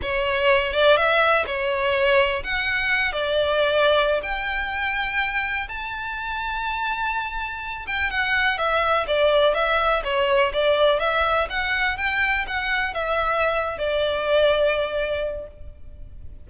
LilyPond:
\new Staff \with { instrumentName = "violin" } { \time 4/4 \tempo 4 = 124 cis''4. d''8 e''4 cis''4~ | cis''4 fis''4. d''4.~ | d''8. g''2. a''16~ | a''1~ |
a''16 g''8 fis''4 e''4 d''4 e''16~ | e''8. cis''4 d''4 e''4 fis''16~ | fis''8. g''4 fis''4 e''4~ e''16~ | e''8 d''2.~ d''8 | }